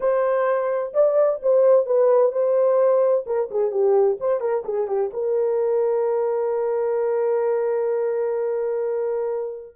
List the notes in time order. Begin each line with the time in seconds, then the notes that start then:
0.00 C5
0.93 D5
1.42 C5
1.85 B4
2.32 C5
3.26 A#4
3.50 G#4
3.71 G4
4.20 C5
4.40 A#4
4.64 G#4
4.87 G4
5.13 A#4